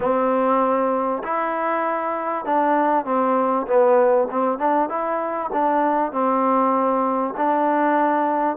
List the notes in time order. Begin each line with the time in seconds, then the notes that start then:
0.00 C4
1.23 E4
2.45 D4
3.05 C4
3.67 B3
4.30 C4
4.58 D4
4.89 E4
5.52 D4
6.12 C4
7.37 D4